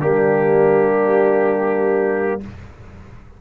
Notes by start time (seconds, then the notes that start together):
0.00 G3 A#3 D4 G4